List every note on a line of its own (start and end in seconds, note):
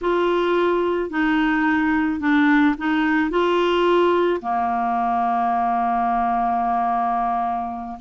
0.01 1.10 F4
1.10 2.20 D#4
2.20 2.75 D4
2.78 3.30 D#4
3.30 4.40 F4
4.41 7.98 A#3